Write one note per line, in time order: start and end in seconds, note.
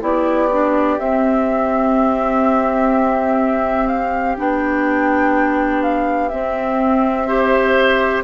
0.00 0.98 B3
0.00 0.48 E4
0.00 7.26 G4
0.00 0.99 D5
0.51 0.99 D4
0.99 4.37 C4
0.99 3.87 E5
3.87 4.35 F5
4.37 6.31 B3
4.37 6.31 D4
4.37 5.83 G5
5.83 6.29 F5
6.29 7.28 C4
6.29 8.24 C4
6.29 8.22 E5
7.27 8.24 G4
7.27 8.24 C5